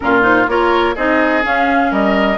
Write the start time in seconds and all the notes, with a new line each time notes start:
0.00 A#2 C#4 F4 A#4
0.21 D#4 C5
0.47 A#3 F4 A#4 C#5
0.95 C4 D#4 G#4 D#5
1.42 C#4 F5
1.91 G3 A#4 D#5